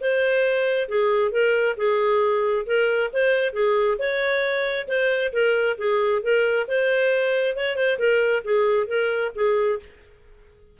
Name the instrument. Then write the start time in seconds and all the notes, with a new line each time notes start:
clarinet
0.00 C5
0.88 G#4
1.31 A#4
1.77 G#4
2.66 A#4
3.12 C5
3.53 G#4
3.98 C#5
4.87 C5
5.32 A#4
5.77 G#4
6.22 A#4
6.67 C5
7.56 C#5
7.76 C5
7.98 A#4
8.44 G#4
8.87 A#4
9.35 G#4